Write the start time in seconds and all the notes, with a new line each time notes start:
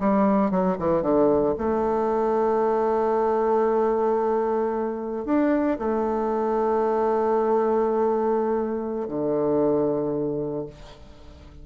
0.00 G3
0.51 F#3
0.79 E3
1.02 D3
1.58 A3
5.26 D4
5.79 A3
9.08 D3